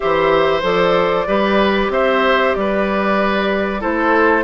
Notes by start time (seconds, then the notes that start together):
0.00 E3 G4 C5 E5
0.62 F3 A4 D5
1.27 G3 G4 B4
1.89 C4 C5 E5
2.54 G3 B4 D5
3.80 A3 E4 A4 C5